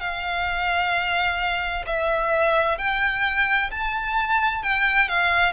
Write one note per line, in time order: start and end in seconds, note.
0.00 1.85 F5
1.86 2.78 E5
2.78 3.70 G5
3.71 4.63 A5
4.63 5.09 G5
5.09 5.53 F5